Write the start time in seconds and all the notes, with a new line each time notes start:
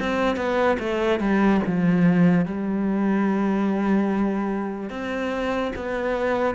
0.00 C4
0.37 B3
0.80 A3
1.20 G3
1.66 F3
2.46 G3
4.90 C4
5.76 B3